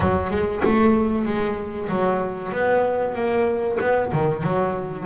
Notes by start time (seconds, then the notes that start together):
0.00 F#3
0.30 G#3
0.64 A3
1.25 G#3
1.88 F#3
2.52 B3
3.14 A#3
3.80 B3
4.12 D#3
4.43 F#3